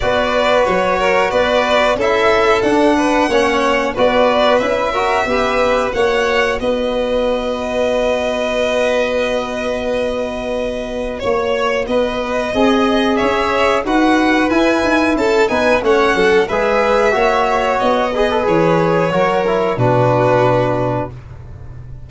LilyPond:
<<
  \new Staff \with { instrumentName = "violin" } { \time 4/4 \tempo 4 = 91 d''4 cis''4 d''4 e''4 | fis''2 d''4 e''4~ | e''4 fis''4 dis''2~ | dis''1~ |
dis''4 cis''4 dis''2 | e''4 fis''4 gis''4 a''8 gis''8 | fis''4 e''2 dis''4 | cis''2 b'2 | }
  \new Staff \with { instrumentName = "violin" } { \time 4/4 b'4. ais'8 b'4 a'4~ | a'8 b'8 cis''4 b'4. ais'8 | b'4 cis''4 b'2~ | b'1~ |
b'4 cis''4 b'4 dis''4 | cis''4 b'2 a'8 b'8 | cis''8 a'8 b'4 cis''4. b'8~ | b'4 ais'4 fis'2 | }
  \new Staff \with { instrumentName = "trombone" } { \time 4/4 fis'2. e'4 | d'4 cis'4 fis'4 e'8 fis'8 | g'4 fis'2.~ | fis'1~ |
fis'2. gis'4~ | gis'4 fis'4 e'4. dis'8 | cis'4 gis'4 fis'4. gis'16 a'16 | gis'4 fis'8 e'8 d'2 | }
  \new Staff \with { instrumentName = "tuba" } { \time 4/4 b4 fis4 b4 cis'4 | d'4 ais4 b4 cis'4 | b4 ais4 b2~ | b1~ |
b4 ais4 b4 c'4 | cis'4 dis'4 e'8 dis'8 cis'8 b8 | a8 fis8 gis4 ais4 b4 | e4 fis4 b,2 | }
>>